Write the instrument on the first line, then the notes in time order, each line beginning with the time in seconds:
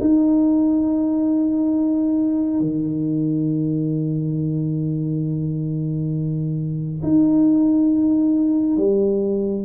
tuba
0.00 D#4
2.60 D#3
7.02 D#4
8.77 G3